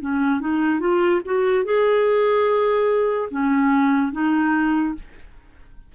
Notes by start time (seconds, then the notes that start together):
0.00 C#4
0.40 D#4
0.80 F4
1.25 F#4
1.64 G#4
3.30 C#4
4.12 D#4